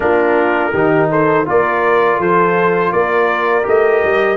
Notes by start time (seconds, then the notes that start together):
0.00 A#3 D4 F4 A#4
0.72 D#3 D#4 G4
1.10 A4 C5
1.45 A#3 F4 A#4 D5
2.18 F3 A4 C5
2.92 A#3 A#4 D5
3.62 A3 G4 D#5
4.03 G3